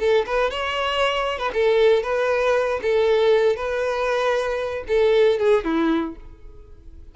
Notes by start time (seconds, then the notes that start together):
0.00 A4
0.26 B4
0.51 C#5
1.39 B4
1.54 A4
2.03 B4
2.82 A4
3.56 B4
4.88 A4
5.39 G#4
5.64 E4